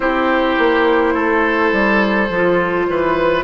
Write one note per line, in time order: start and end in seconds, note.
0.00 0.56 C4
0.00 2.28 E4
0.00 1.13 G4
0.00 3.44 C5
0.58 1.14 A#3
1.13 1.72 A3
1.13 2.87 A4
1.72 2.29 G3
2.29 2.87 F3
2.29 3.44 F4
2.90 3.44 E3
2.90 3.44 B4